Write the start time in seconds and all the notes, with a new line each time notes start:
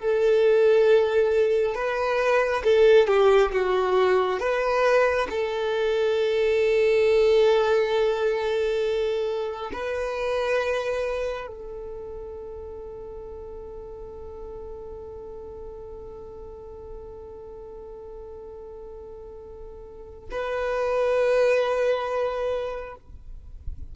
0.00 A4
1.75 B4
2.64 A4
3.08 G4
3.52 F#4
4.40 B4
5.30 A4
9.73 B4
11.47 A4
20.31 B4